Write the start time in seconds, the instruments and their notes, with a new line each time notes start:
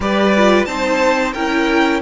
0.00 cello G3, viola G4, violin B4 D5
0.36 viola F4
0.65 cello C4, viola D#4, violin C5 A5
1.33 cello C#4, viola E4, violin A#4 G5